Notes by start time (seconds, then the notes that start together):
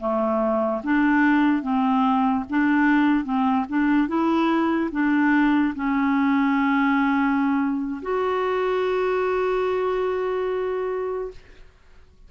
0.00 A3
0.84 D4
1.63 C4
2.50 D4
3.25 C4
3.69 D4
4.08 E4
4.92 D4
5.76 C#4
8.02 F#4